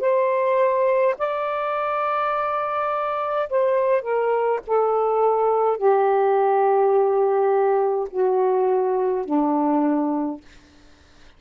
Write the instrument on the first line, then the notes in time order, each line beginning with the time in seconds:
saxophone
0.00 C5
1.19 D5
3.50 C5
4.02 A#4
4.67 A4
5.78 G4
8.11 F#4
9.26 D4